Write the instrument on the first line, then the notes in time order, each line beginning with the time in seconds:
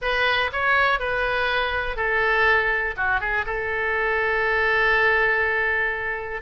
oboe
0.01 B4
0.52 C#5
0.99 B4
1.96 A4
2.96 F#4
3.20 G#4
3.46 A4